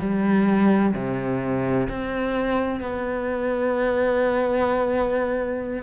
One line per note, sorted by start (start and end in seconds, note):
0.00 0.94 G3
0.94 1.88 C3
1.90 2.81 C4
2.81 5.83 B3